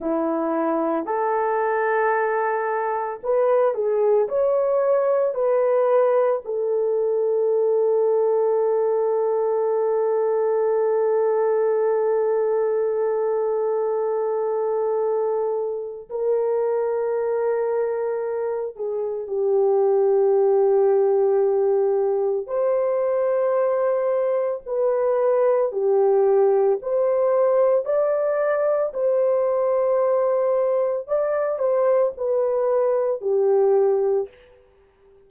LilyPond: \new Staff \with { instrumentName = "horn" } { \time 4/4 \tempo 4 = 56 e'4 a'2 b'8 gis'8 | cis''4 b'4 a'2~ | a'1~ | a'2. ais'4~ |
ais'4. gis'8 g'2~ | g'4 c''2 b'4 | g'4 c''4 d''4 c''4~ | c''4 d''8 c''8 b'4 g'4 | }